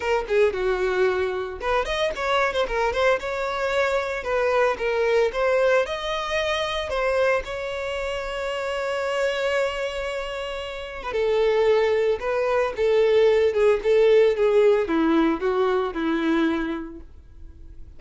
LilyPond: \new Staff \with { instrumentName = "violin" } { \time 4/4 \tempo 4 = 113 ais'8 gis'8 fis'2 b'8 dis''8 | cis''8. c''16 ais'8 c''8 cis''2 | b'4 ais'4 c''4 dis''4~ | dis''4 c''4 cis''2~ |
cis''1~ | cis''8. b'16 a'2 b'4 | a'4. gis'8 a'4 gis'4 | e'4 fis'4 e'2 | }